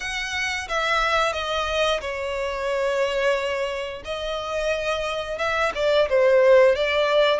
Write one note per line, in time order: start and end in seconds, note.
0.00 0.67 F#5
0.68 1.33 E5
1.33 2.00 D#5
2.00 4.03 C#5
4.04 5.38 D#5
5.38 5.72 E5
5.75 6.08 D5
6.09 6.75 C5
6.75 7.40 D5